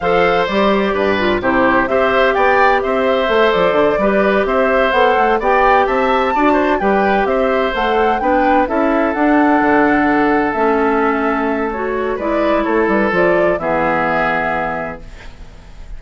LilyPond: <<
  \new Staff \with { instrumentName = "flute" } { \time 4/4 \tempo 4 = 128 f''4 d''2 c''4 | e''4 g''4 e''4. d''8~ | d''4. e''4 fis''4 g''8~ | g''8 a''2 g''4 e''8~ |
e''8 fis''4 g''4 e''4 fis''8~ | fis''2~ fis''8 e''4.~ | e''4 cis''4 d''4 cis''8 b'8 | d''4 e''2. | }
  \new Staff \with { instrumentName = "oboe" } { \time 4/4 c''2 b'4 g'4 | c''4 d''4 c''2~ | c''8 b'4 c''2 d''8~ | d''8 e''4 d''8 c''8 b'4 c''8~ |
c''4. b'4 a'4.~ | a'1~ | a'2 b'4 a'4~ | a'4 gis'2. | }
  \new Staff \with { instrumentName = "clarinet" } { \time 4/4 a'4 g'4. f'8 e'4 | g'2. a'4~ | a'8 g'2 a'4 g'8~ | g'4. fis'4 g'4.~ |
g'8 a'4 d'4 e'4 d'8~ | d'2~ d'8 cis'4.~ | cis'4 fis'4 e'2 | f'4 b2. | }
  \new Staff \with { instrumentName = "bassoon" } { \time 4/4 f4 g4 g,4 c4 | c'4 b4 c'4 a8 f8 | d8 g4 c'4 b8 a8 b8~ | b8 c'4 d'4 g4 c'8~ |
c'8 a4 b4 cis'4 d'8~ | d'8 d2 a4.~ | a2 gis4 a8 g8 | f4 e2. | }
>>